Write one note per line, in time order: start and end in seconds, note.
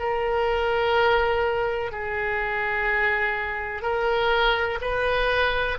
0.00 1.92 A#4
1.92 3.82 G#4
3.82 4.79 A#4
4.82 5.78 B4